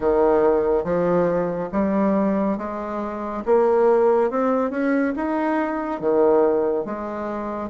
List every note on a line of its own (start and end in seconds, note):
0.00 0.84 D#3
0.84 1.69 F3
1.72 2.57 G3
2.57 3.43 G#3
3.45 4.30 A#3
4.30 4.70 C4
4.70 5.13 C#4
5.15 6.00 D#4
6.00 6.85 D#3
6.85 7.69 G#3